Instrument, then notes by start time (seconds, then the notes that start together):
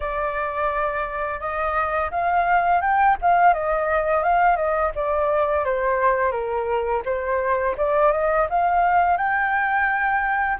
flute
0.00 D5
1.39 D#5
2.10 F5
2.81 G5
3.21 F5
3.53 D#5
4.23 F5
4.56 D#5
4.95 D5
5.64 C5
6.31 A#4
7.05 C5
7.76 D5
8.12 D#5
8.49 F5
9.17 G5